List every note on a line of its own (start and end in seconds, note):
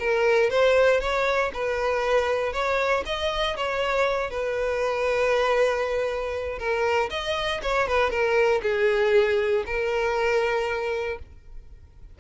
0.00 0.51 A#4
0.51 1.01 C5
1.01 1.52 C#5
1.54 2.53 B4
2.53 3.04 C#5
3.06 3.57 D#5
3.57 4.31 C#5
4.31 6.59 B4
6.59 7.10 A#4
7.10 7.61 D#5
7.63 7.88 C#5
7.88 8.11 B4
8.11 8.62 A#4
8.63 9.64 G#4
9.67 11.19 A#4